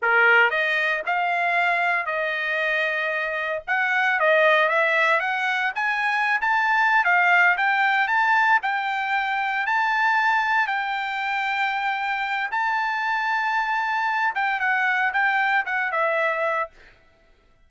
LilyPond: \new Staff \with { instrumentName = "trumpet" } { \time 4/4 \tempo 4 = 115 ais'4 dis''4 f''2 | dis''2. fis''4 | dis''4 e''4 fis''4 gis''4~ | gis''16 a''4~ a''16 f''4 g''4 a''8~ |
a''8 g''2 a''4.~ | a''8 g''2.~ g''8 | a''2.~ a''8 g''8 | fis''4 g''4 fis''8 e''4. | }